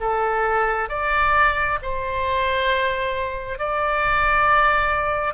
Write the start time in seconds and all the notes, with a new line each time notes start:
0.00 A4
0.89 D5
1.82 C5
3.59 D5